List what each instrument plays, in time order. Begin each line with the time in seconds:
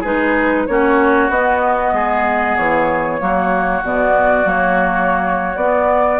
0.00 bassoon G#3, clarinet D#4, oboe G#4, flute B4
0.66 bassoon A#3, clarinet C#4, oboe F#4, flute C#5
1.29 bassoon B3, clarinet B3, flute D#5
1.92 bassoon G#3, oboe G#4
2.57 bassoon E3, flute C#5
3.20 bassoon F#3, clarinet A#3, oboe F#4
3.82 bassoon B2, clarinet B3, flute D5
4.44 bassoon F#3, clarinet A#3, flute C#5
5.55 bassoon B3, clarinet B3, flute D5